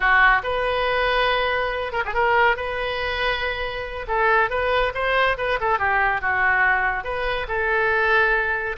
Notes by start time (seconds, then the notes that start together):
0.00 F#4
0.43 B4
1.92 A#4
2.05 G#4
2.14 A#4
2.56 B4
4.07 A4
4.50 B4
4.94 C5
5.37 B4
5.60 A4
5.78 G4
6.21 F#4
7.04 B4
7.47 A4